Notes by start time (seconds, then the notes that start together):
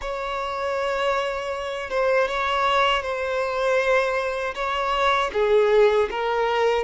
0.01 C#5
1.90 C5
2.28 C#5
3.02 C5
4.54 C#5
5.33 G#4
6.10 A#4